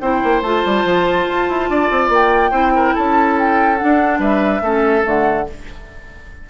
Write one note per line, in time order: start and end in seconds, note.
0.00 0.22 C4
0.00 0.44 E4
0.00 1.70 C5
0.00 0.42 G5
0.24 0.42 A#3
0.42 0.63 A3
0.42 2.52 F4
0.42 2.10 A5
0.66 0.85 G3
0.85 1.26 F3
1.30 1.49 F4
1.49 1.69 E4
1.69 1.90 D4
1.69 2.51 D5
1.91 2.09 C4
2.09 2.51 A#3
2.09 2.96 G5
2.51 2.93 C4
2.51 3.78 E4
2.51 2.72 C5
2.76 2.95 A#4
2.95 3.82 C#4
2.95 4.20 A4
2.95 3.38 A5
3.39 3.77 G5
3.77 4.62 D4
3.77 4.19 D4
3.77 4.19 F#5
4.19 4.61 G3
4.19 4.62 B4
4.19 5.06 E5
4.61 5.03 A3
4.61 5.03 C#4
4.61 5.48 A4
5.03 5.49 D3
5.03 5.45 A3
5.03 5.50 F#5